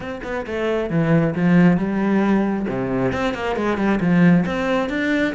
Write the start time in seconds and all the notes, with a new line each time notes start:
0.00 C4
0.23 B3
0.46 A3
0.90 E3
1.35 F3
1.77 G3
2.68 C3
3.12 C4
3.34 A#3
3.56 G#3
3.77 G3
4.00 F3
4.46 C4
4.89 D4